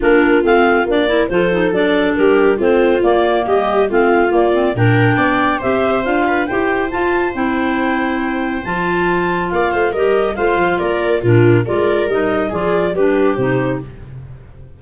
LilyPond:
<<
  \new Staff \with { instrumentName = "clarinet" } { \time 4/4 \tempo 4 = 139 ais'4 f''4 d''4 c''4 | d''4 ais'4 c''4 d''4 | dis''4 f''4 d''4 g''4~ | g''4 e''4 f''4 g''4 |
a''4 g''2. | a''2 f''4 dis''4 | f''4 d''4 ais'4 d''4 | dis''4 d''4 b'4 c''4 | }
  \new Staff \with { instrumentName = "viola" } { \time 4/4 f'2~ f'8 ais'8 a'4~ | a'4 g'4 f'2 | g'4 f'2 ais'4 | d''4 c''4. b'8 c''4~ |
c''1~ | c''2 d''8 c''8 ais'4 | c''4 ais'4 f'4 ais'4~ | ais'4 gis'4 g'2 | }
  \new Staff \with { instrumentName = "clarinet" } { \time 4/4 d'4 c'4 d'8 e'8 f'8 dis'8 | d'2 c'4 ais4~ | ais4 c'4 ais8 c'8 d'4~ | d'4 g'4 f'4 g'4 |
f'4 e'2. | f'2. g'4 | f'2 d'4 f'4 | dis'4 f'4 d'4 dis'4 | }
  \new Staff \with { instrumentName = "tuba" } { \time 4/4 ais4 a4 ais4 f4 | fis4 g4 a4 ais4 | g4 a4 ais4 ais,4 | b4 c'4 d'4 e'4 |
f'4 c'2. | f2 ais8 a8 g4 | a8 f8 ais4 ais,4 gis4 | g4 f4 g4 c4 | }
>>